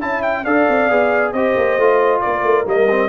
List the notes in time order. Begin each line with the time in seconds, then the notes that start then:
0.00 C#4 E4 E5 A5
0.22 G5
0.44 D4 A4 D5 F5
0.68 C4
0.90 B3 G#4
1.33 C4 G4 C5 D#5
1.56 A#3
1.77 A3 F4
2.21 A#4 D5
2.27 A#3
2.43 A3
2.66 G3 A#3 D#5
2.90 C4